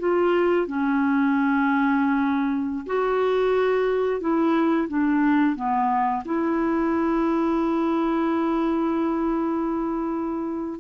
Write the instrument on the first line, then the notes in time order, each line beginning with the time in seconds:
clarinet
0.00 F4
0.67 C#4
2.87 F#4
4.21 E4
4.89 D4
5.56 B3
6.25 E4